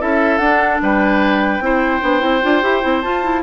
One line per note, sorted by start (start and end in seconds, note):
0.00 0.39 C#4
0.00 0.40 E4
0.00 0.82 A4
0.00 0.38 E5
0.38 0.79 D4
0.38 1.61 D4
0.38 0.78 F#5
0.82 1.60 G3
0.82 1.64 B4
0.82 3.02 G5
1.60 2.00 C4
1.60 2.01 E4
1.60 3.43 C5
2.01 2.23 B3
2.01 2.20 D4
2.20 2.43 C4
2.20 2.40 E4
2.42 2.63 D4
2.42 2.62 F4
2.62 2.83 E4
2.62 2.82 G4
2.82 3.04 C4
2.82 3.02 E4
3.02 3.23 F4
3.02 3.43 F4
3.02 3.42 A5
3.23 3.43 E4